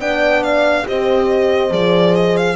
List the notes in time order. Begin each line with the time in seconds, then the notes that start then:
0.00 B3 D4 D5 G5
0.44 F5
0.85 C4 G4 C5 D#5
1.71 F3 G#4 D5
2.16 D#5
2.37 F5